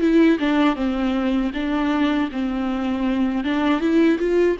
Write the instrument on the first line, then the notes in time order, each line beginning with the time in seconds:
viola
0.00 E4
0.39 D4
0.75 C4
1.54 D4
2.31 C4
3.43 D4
3.80 E4
4.18 F4